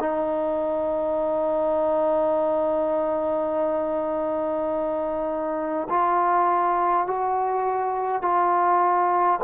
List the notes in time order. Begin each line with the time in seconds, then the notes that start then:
0.00 D#4
5.90 F4
7.07 F#4
8.22 F4